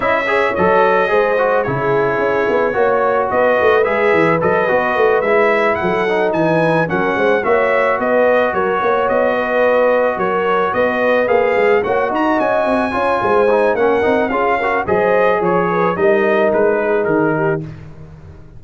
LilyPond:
<<
  \new Staff \with { instrumentName = "trumpet" } { \time 4/4 \tempo 4 = 109 e''4 dis''2 cis''4~ | cis''2 dis''4 e''4 | dis''4. e''4 fis''4 gis''8~ | gis''8 fis''4 e''4 dis''4 cis''8~ |
cis''8 dis''2 cis''4 dis''8~ | dis''8 f''4 fis''8 ais''8 gis''4.~ | gis''4 fis''4 f''4 dis''4 | cis''4 dis''4 b'4 ais'4 | }
  \new Staff \with { instrumentName = "horn" } { \time 4/4 dis''8 cis''4. c''4 gis'4~ | gis'4 cis''4 b'2~ | b'2~ b'8 a'4 b'8~ | b'8 ais'8 c''8 cis''4 b'4 ais'8 |
cis''4 b'4. ais'4 b'8~ | b'4. cis''8 dis''4. cis''8 | c''4 ais'4 gis'8 ais'8 c''4 | cis''8 b'8 ais'4. gis'4 g'8 | }
  \new Staff \with { instrumentName = "trombone" } { \time 4/4 e'8 gis'8 a'4 gis'8 fis'8 e'4~ | e'4 fis'2 gis'4 | a'8 fis'4 e'4. dis'4~ | dis'8 cis'4 fis'2~ fis'8~ |
fis'1~ | fis'8 gis'4 fis'2 f'8~ | f'8 dis'8 cis'8 dis'8 f'8 fis'8 gis'4~ | gis'4 dis'2. | }
  \new Staff \with { instrumentName = "tuba" } { \time 4/4 cis'4 fis4 gis4 cis4 | cis'8 b8 ais4 b8 a8 gis8 e8 | fis8 b8 a8 gis4 fis4 e8~ | e8 fis8 gis8 ais4 b4 fis8 |
ais8 b2 fis4 b8~ | b8 ais8 gis8 ais8 dis'8 cis'8 c'8 cis'8 | gis4 ais8 c'8 cis'4 fis4 | f4 g4 gis4 dis4 | }
>>